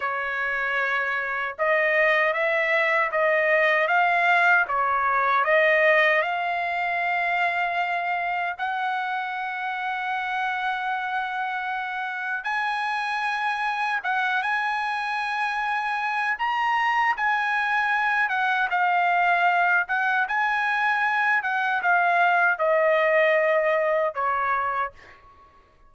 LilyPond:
\new Staff \with { instrumentName = "trumpet" } { \time 4/4 \tempo 4 = 77 cis''2 dis''4 e''4 | dis''4 f''4 cis''4 dis''4 | f''2. fis''4~ | fis''1 |
gis''2 fis''8 gis''4.~ | gis''4 ais''4 gis''4. fis''8 | f''4. fis''8 gis''4. fis''8 | f''4 dis''2 cis''4 | }